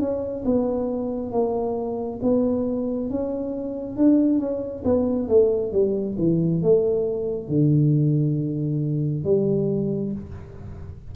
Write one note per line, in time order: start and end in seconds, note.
0.00 0.44 C#4
0.45 1.32 B3
1.32 2.20 A#3
2.23 3.10 B3
3.10 3.97 C#4
3.97 4.39 D4
4.39 4.83 C#4
4.85 5.29 B3
5.29 5.72 A3
5.72 6.16 G3
6.18 6.62 E3
6.62 7.48 A3
7.48 9.24 D3
9.24 10.13 G3